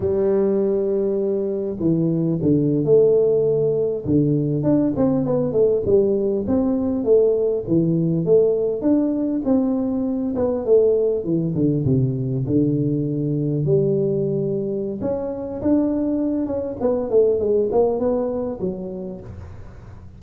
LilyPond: \new Staff \with { instrumentName = "tuba" } { \time 4/4 \tempo 4 = 100 g2. e4 | d8. a2 d4 d'16~ | d'16 c'8 b8 a8 g4 c'4 a16~ | a8. e4 a4 d'4 c'16~ |
c'4~ c'16 b8 a4 e8 d8 c16~ | c8. d2 g4~ g16~ | g4 cis'4 d'4. cis'8 | b8 a8 gis8 ais8 b4 fis4 | }